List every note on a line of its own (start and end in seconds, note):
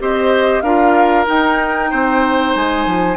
0.00 0.62 C4
0.00 0.64 G4
0.00 0.63 C5
0.00 0.61 D#5
0.61 1.26 D4
0.61 1.26 F4
0.61 1.90 A#4
0.61 1.25 F5
1.26 3.17 D#4
1.26 1.92 D#4
1.26 2.55 G5
1.90 2.55 C4
1.90 3.17 C5
2.55 2.86 G#3
2.55 3.17 G#5
2.86 3.17 F3